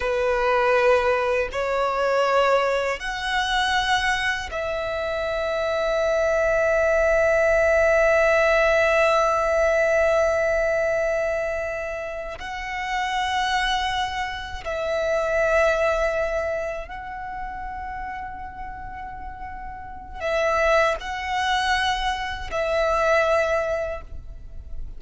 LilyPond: \new Staff \with { instrumentName = "violin" } { \time 4/4 \tempo 4 = 80 b'2 cis''2 | fis''2 e''2~ | e''1~ | e''1~ |
e''8 fis''2. e''8~ | e''2~ e''8 fis''4.~ | fis''2. e''4 | fis''2 e''2 | }